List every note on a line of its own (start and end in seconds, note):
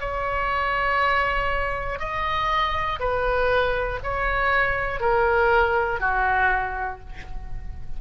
0.00 1.99 C#5
1.99 2.99 D#5
3.00 4.00 B4
4.03 5.00 C#5
5.00 6.00 A#4
6.00 7.00 F#4